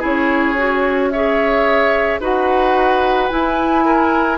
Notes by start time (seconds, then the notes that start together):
0.00 C#4 E4 G#4 C#5
0.58 F#4
1.11 G#4 C#5 E5
2.21 D#4 F#4 B4 F#5
3.29 E4 G#5
3.85 A#4